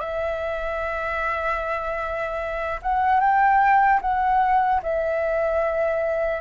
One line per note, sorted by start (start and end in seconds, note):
0.00 2.80 E5
2.82 3.20 F#5
3.20 4.00 G5
4.01 4.81 F#5
4.83 6.41 E5